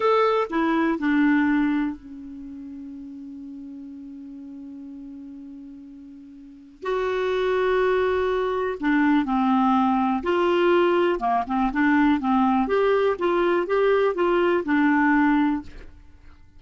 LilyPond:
\new Staff \with { instrumentName = "clarinet" } { \time 4/4 \tempo 4 = 123 a'4 e'4 d'2 | cis'1~ | cis'1~ | cis'2 fis'2~ |
fis'2 d'4 c'4~ | c'4 f'2 ais8 c'8 | d'4 c'4 g'4 f'4 | g'4 f'4 d'2 | }